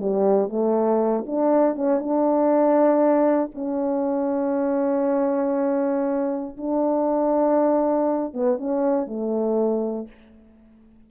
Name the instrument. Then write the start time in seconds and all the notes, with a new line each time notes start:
horn
0.00 G3
0.50 A3
1.27 D4
1.76 C#4
2.00 D4
3.54 C#4
6.57 D4
8.34 B3
8.58 C#4
9.07 A3